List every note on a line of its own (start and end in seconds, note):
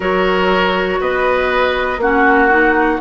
0.00 0.99 F#3
0.00 1.97 F#4
0.00 1.00 A#4
0.00 1.01 C#5
1.00 1.97 B3
1.00 2.00 B4
1.00 2.01 D#5
1.97 2.97 A#3
1.97 2.49 C#4
1.97 3.00 F#4
1.97 3.00 F#5
2.49 2.99 D#4